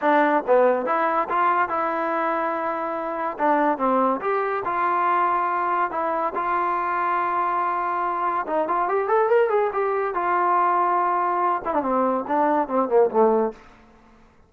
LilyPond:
\new Staff \with { instrumentName = "trombone" } { \time 4/4 \tempo 4 = 142 d'4 b4 e'4 f'4 | e'1 | d'4 c'4 g'4 f'4~ | f'2 e'4 f'4~ |
f'1 | dis'8 f'8 g'8 a'8 ais'8 gis'8 g'4 | f'2.~ f'8 e'16 d'16 | c'4 d'4 c'8 ais8 a4 | }